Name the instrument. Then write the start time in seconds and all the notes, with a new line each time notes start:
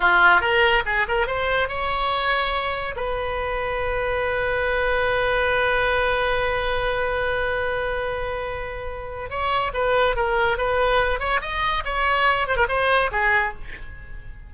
oboe
0.00 F4
0.41 A#4
0.85 G#4
1.08 A#4
1.26 C5
1.68 C#5
2.96 B4
9.30 C#5
9.73 B4
10.15 A#4
10.57 B4
11.19 C#5
11.41 D#5
11.84 C#5
12.47 C5
12.56 A#4
12.68 C5
13.11 G#4